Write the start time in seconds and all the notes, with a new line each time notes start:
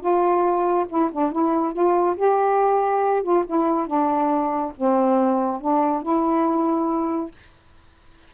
0.00 F4
0.88 E4
1.12 D4
1.32 E4
1.73 F4
2.16 G4
3.22 F4
3.46 E4
3.86 D4
4.76 C4
5.60 D4
6.02 E4